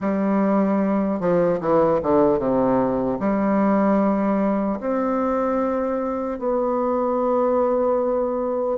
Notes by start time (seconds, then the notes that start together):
0.00 G3
1.20 F3
1.60 E3
2.02 D3
2.39 C3
3.19 G3
4.80 C4
6.39 B3